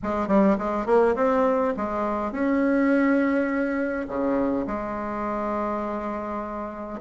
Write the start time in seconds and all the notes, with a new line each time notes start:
0.02 G#3
0.27 G3
0.58 G#3
0.86 A#3
1.15 C4
1.77 G#3
2.31 C#4
4.08 C#3
4.66 G#3